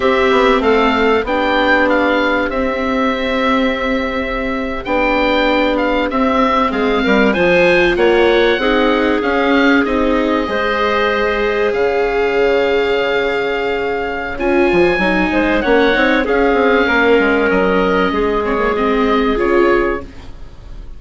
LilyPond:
<<
  \new Staff \with { instrumentName = "oboe" } { \time 4/4 \tempo 4 = 96 e''4 f''4 g''4 f''4 | e''2.~ e''8. g''16~ | g''4~ g''16 f''8 e''4 f''4 gis''16~ | gis''8. fis''2 f''4 dis''16~ |
dis''2~ dis''8. f''4~ f''16~ | f''2. gis''4~ | gis''4 fis''4 f''2 | dis''4. cis''8 dis''4 cis''4 | }
  \new Staff \with { instrumentName = "clarinet" } { \time 4/4 g'4 a'4 g'2~ | g'1~ | g'2~ g'8. gis'8 ais'8 c''16~ | c''8. cis''4 gis'2~ gis'16~ |
gis'8. c''2 cis''4~ cis''16~ | cis''1~ | cis''8 c''8 cis''4 gis'4 ais'4~ | ais'4 gis'2. | }
  \new Staff \with { instrumentName = "viola" } { \time 4/4 c'2 d'2 | c'2.~ c'8. d'16~ | d'4.~ d'16 c'2 f'16~ | f'4.~ f'16 dis'4 cis'4 dis'16~ |
dis'8. gis'2.~ gis'16~ | gis'2. f'4 | dis'4 cis'8 dis'8 cis'2~ | cis'4. c'16 ais16 c'4 f'4 | }
  \new Staff \with { instrumentName = "bassoon" } { \time 4/4 c'8 b8 a4 b2 | c'2.~ c'8. b16~ | b4.~ b16 c'4 gis8 g8 f16~ | f8. ais4 c'4 cis'4 c'16~ |
c'8. gis2 cis4~ cis16~ | cis2. cis'8 f8 | fis8 gis8 ais8 c'8 cis'8 c'8 ais8 gis8 | fis4 gis2 cis4 | }
>>